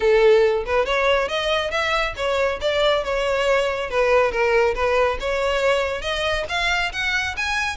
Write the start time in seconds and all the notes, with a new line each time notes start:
0.00 A4
0.65 B4
0.85 C#5
1.28 D#5
1.71 E5
2.16 C#5
2.60 D5
3.04 C#5
3.90 B4
4.31 A#4
4.75 B4
5.20 C#5
6.01 D#5
6.48 F5
6.92 F#5
7.36 G#5